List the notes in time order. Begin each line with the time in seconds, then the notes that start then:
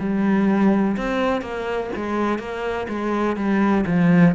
0.00 G3
0.97 C4
1.42 A#3
1.96 G#3
2.39 A#3
2.89 G#3
3.37 G3
3.87 F3